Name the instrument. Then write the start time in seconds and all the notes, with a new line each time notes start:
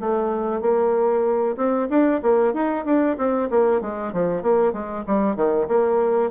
bassoon
0.00 A3
0.61 A#3
1.56 C4
1.89 D4
2.22 A#3
2.53 D#4
2.85 D4
3.18 C4
3.50 A#3
3.81 G#3
4.13 F3
4.42 A#3
4.73 G#3
5.07 G3
5.36 D#3
5.68 A#3